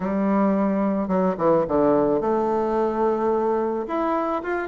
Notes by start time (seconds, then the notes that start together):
0.00 G3
1.08 F#3
1.37 E3
1.68 D3
2.20 A3
3.87 E4
4.42 F4